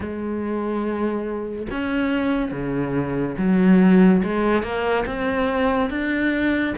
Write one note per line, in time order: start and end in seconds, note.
0.00 1.67 G#3
1.71 2.51 C#4
2.51 3.36 C#3
3.37 4.22 F#3
4.23 4.62 G#3
4.62 5.05 A#3
5.06 5.90 C4
5.90 6.74 D4